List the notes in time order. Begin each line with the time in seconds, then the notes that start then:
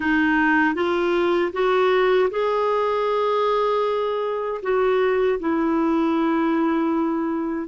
0.00 D#4
0.74 F4
1.52 F#4
2.30 G#4
4.62 F#4
5.39 E4